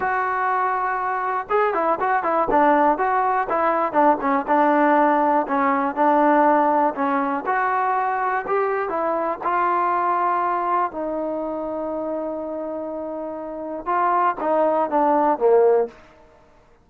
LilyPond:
\new Staff \with { instrumentName = "trombone" } { \time 4/4 \tempo 4 = 121 fis'2. gis'8 e'8 | fis'8 e'8 d'4 fis'4 e'4 | d'8 cis'8 d'2 cis'4 | d'2 cis'4 fis'4~ |
fis'4 g'4 e'4 f'4~ | f'2 dis'2~ | dis'1 | f'4 dis'4 d'4 ais4 | }